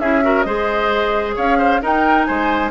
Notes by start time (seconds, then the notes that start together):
0.00 C#4 E4 G#4 E5
0.23 F#4 A#4
0.43 G#3 G#4 C5 D#5
1.36 C#4 C#5 F5
1.59 C5
1.82 D#4 A#4 G5
2.25 G#3 C5 G#5